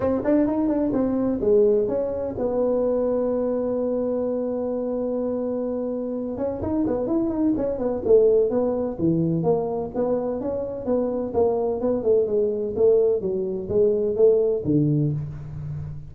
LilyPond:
\new Staff \with { instrumentName = "tuba" } { \time 4/4 \tempo 4 = 127 c'8 d'8 dis'8 d'8 c'4 gis4 | cis'4 b2.~ | b1~ | b4. cis'8 dis'8 b8 e'8 dis'8 |
cis'8 b8 a4 b4 e4 | ais4 b4 cis'4 b4 | ais4 b8 a8 gis4 a4 | fis4 gis4 a4 d4 | }